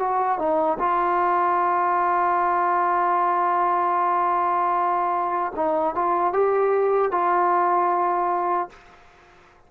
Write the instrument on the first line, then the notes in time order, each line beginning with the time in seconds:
trombone
0.00 F#4
0.39 D#4
0.79 F4
5.56 D#4
5.96 F4
6.33 G4
7.12 F4